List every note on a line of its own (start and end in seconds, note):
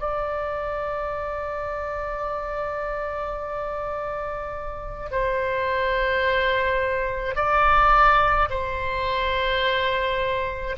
0.00 5.09 D5
5.11 7.35 C5
7.35 8.49 D5
8.50 10.76 C5